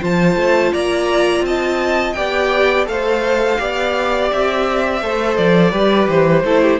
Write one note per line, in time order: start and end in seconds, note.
0.00 0.36 F3
0.00 2.14 F4
0.00 0.73 C5
0.00 0.73 A5
0.36 0.71 A3
0.73 1.41 A#3
0.73 1.44 D5
0.73 1.45 A#5
1.41 2.12 C4
1.41 2.17 D#5
1.41 2.13 A5
2.13 2.87 B3
2.13 2.86 G4
2.13 2.88 D5
2.13 2.84 G5
2.86 3.58 A3
2.86 3.57 A4
2.86 3.60 C5
2.86 4.31 F5
3.58 4.31 B3
3.58 5.01 G4
3.58 5.03 D5
4.32 5.02 C4
4.32 5.37 E5
5.02 5.37 A3
5.02 5.72 A4
5.02 5.71 C5
5.37 5.72 F3
5.37 6.08 D5
5.71 6.08 G3
5.71 6.43 G4
5.71 6.43 B4
6.08 6.44 E3
6.08 6.79 C5
6.44 6.79 A3
6.44 6.79 E4
6.44 6.62 A4
6.62 6.79 G4